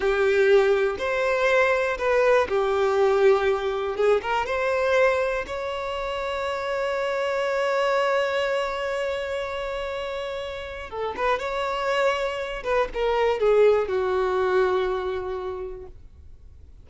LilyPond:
\new Staff \with { instrumentName = "violin" } { \time 4/4 \tempo 4 = 121 g'2 c''2 | b'4 g'2. | gis'8 ais'8 c''2 cis''4~ | cis''1~ |
cis''1~ | cis''2 a'8 b'8 cis''4~ | cis''4. b'8 ais'4 gis'4 | fis'1 | }